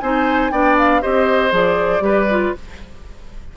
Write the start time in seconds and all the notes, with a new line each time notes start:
0.00 C4 D#4 C5 G#5
0.51 B3 D4 D5 G5
0.78 F5
1.02 C4 G4 C5 D#5
1.50 F3 G#4 D5
2.00 G3 G4 B4
2.30 F4